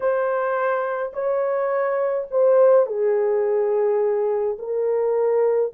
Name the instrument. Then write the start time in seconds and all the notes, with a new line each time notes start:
horn
0.00 C5
1.13 C#5
2.30 C5
2.86 G#4
4.58 A#4